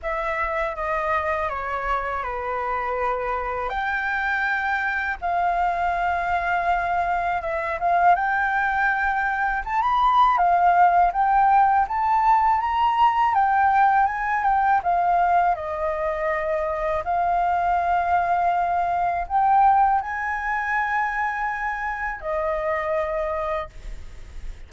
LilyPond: \new Staff \with { instrumentName = "flute" } { \time 4/4 \tempo 4 = 81 e''4 dis''4 cis''4 b'4~ | b'4 g''2 f''4~ | f''2 e''8 f''8 g''4~ | g''4 a''16 b''8. f''4 g''4 |
a''4 ais''4 g''4 gis''8 g''8 | f''4 dis''2 f''4~ | f''2 g''4 gis''4~ | gis''2 dis''2 | }